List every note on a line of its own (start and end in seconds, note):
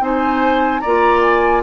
0.00 0.81 C4
0.00 0.82 D#4
0.00 0.81 C5
0.00 0.80 G#5
0.80 1.63 A#3
0.80 1.62 D5
0.80 1.20 A#5
0.86 1.63 F4
1.22 1.62 G#5